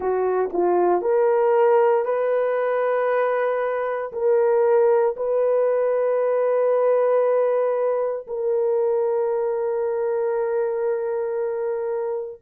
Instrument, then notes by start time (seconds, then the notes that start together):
horn
0.00 F#4
0.53 F4
1.01 A#4
2.05 B4
4.12 A#4
5.16 B4
8.27 A#4